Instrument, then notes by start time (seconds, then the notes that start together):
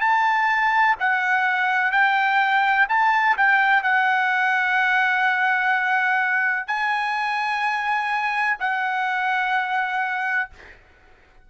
trumpet
0.00 A5
1.00 F#5
1.91 G5
2.89 A5
3.37 G5
3.83 F#5
6.67 G#5
8.59 F#5